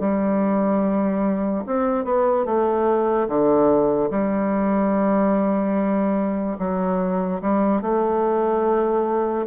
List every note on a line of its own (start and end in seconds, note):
0.00 1.64 G3
1.67 2.05 C4
2.05 2.45 B3
2.45 3.28 A3
3.28 4.11 D3
4.11 6.58 G3
6.59 7.41 F#3
7.42 7.82 G3
7.82 9.46 A3